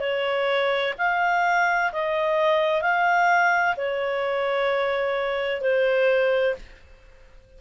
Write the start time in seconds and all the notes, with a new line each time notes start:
0.00 C#5
0.98 F5
1.92 D#5
2.81 F5
3.77 C#5
5.61 C5